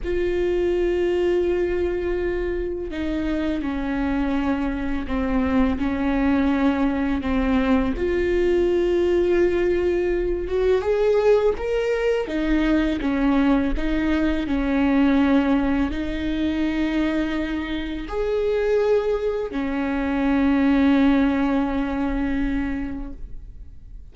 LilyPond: \new Staff \with { instrumentName = "viola" } { \time 4/4 \tempo 4 = 83 f'1 | dis'4 cis'2 c'4 | cis'2 c'4 f'4~ | f'2~ f'8 fis'8 gis'4 |
ais'4 dis'4 cis'4 dis'4 | cis'2 dis'2~ | dis'4 gis'2 cis'4~ | cis'1 | }